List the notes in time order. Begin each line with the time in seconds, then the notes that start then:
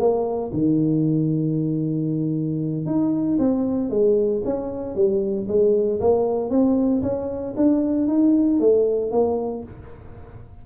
0.00 A#3
0.53 D#3
2.86 D#4
3.39 C4
3.90 G#3
4.45 C#4
4.95 G3
5.48 G#3
6.00 A#3
6.50 C4
7.02 C#4
7.57 D4
8.08 D#4
8.60 A3
9.12 A#3